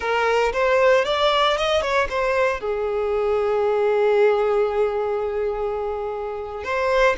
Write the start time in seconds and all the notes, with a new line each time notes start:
0.00 A#4
0.52 C5
1.05 D5
1.57 D#5
1.81 C#5
2.09 C5
2.60 G#4
6.64 C5